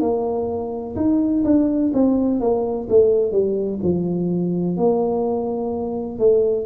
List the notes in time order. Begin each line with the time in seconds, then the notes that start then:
0.00 A#3
0.96 D#4
1.44 D4
1.93 C4
2.40 A#3
2.89 A3
3.32 G3
3.82 F3
4.77 A#3
6.18 A3